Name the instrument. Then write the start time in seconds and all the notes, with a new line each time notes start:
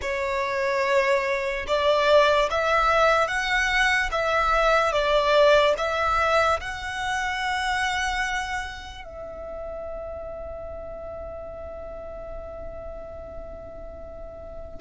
violin
0.01 C#5
1.67 D5
2.50 E5
3.27 F#5
4.11 E5
4.92 D5
5.77 E5
6.60 F#5
9.04 E5